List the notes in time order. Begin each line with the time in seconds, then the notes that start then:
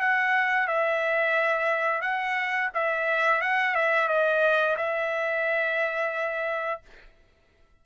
0.00 F#5
0.67 E5
2.01 F#5
2.74 E5
3.41 F#5
3.75 E5
4.08 D#5
4.76 E5